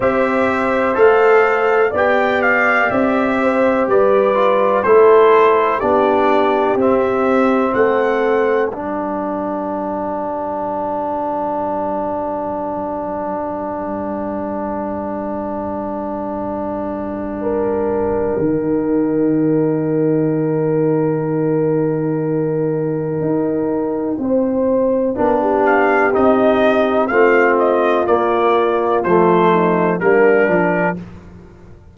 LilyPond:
<<
  \new Staff \with { instrumentName = "trumpet" } { \time 4/4 \tempo 4 = 62 e''4 f''4 g''8 f''8 e''4 | d''4 c''4 d''4 e''4 | fis''4 g''2.~ | g''1~ |
g''1~ | g''1~ | g''2~ g''8 f''8 dis''4 | f''8 dis''8 d''4 c''4 ais'4 | }
  \new Staff \with { instrumentName = "horn" } { \time 4/4 c''2 d''4. c''8 | b'4 a'4 g'2 | a'4 b'2.~ | b'1~ |
b'2 ais'2~ | ais'1~ | ais'4 c''4 ais'16 g'4.~ g'16 | f'2~ f'8 dis'8 d'4 | }
  \new Staff \with { instrumentName = "trombone" } { \time 4/4 g'4 a'4 g'2~ | g'8 f'8 e'4 d'4 c'4~ | c'4 d'2.~ | d'1~ |
d'2. dis'4~ | dis'1~ | dis'2 d'4 dis'4 | c'4 ais4 a4 ais8 d'8 | }
  \new Staff \with { instrumentName = "tuba" } { \time 4/4 c'4 a4 b4 c'4 | g4 a4 b4 c'4 | a4 g2.~ | g1~ |
g2. dis4~ | dis1 | dis'4 c'4 b4 c'4 | a4 ais4 f4 g8 f8 | }
>>